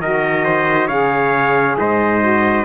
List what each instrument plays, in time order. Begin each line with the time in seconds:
0.00 cello D#3, saxophone F#4, trumpet A#4 D#5
0.44 trumpet C5
0.87 cello C#3, saxophone G#4, trumpet C#5 F5
1.79 cello G#2, trumpet C5 D#5
2.20 saxophone F#4